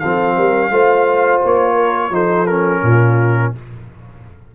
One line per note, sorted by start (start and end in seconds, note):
0.00 0.37 F3
0.00 0.71 C4
0.00 0.36 A4
0.00 1.41 F5
0.37 0.71 G3
0.37 0.72 A#4
0.71 1.41 A3
0.71 2.12 F4
0.71 1.75 C5
1.45 2.11 A#3
1.45 2.15 C#5
1.75 2.10 A#4
2.11 2.81 F3
2.11 2.47 D#4
2.11 2.84 A4
2.11 2.47 C5
2.47 3.56 C#4
2.47 3.53 A#4
2.83 3.54 A#2
2.83 3.55 F4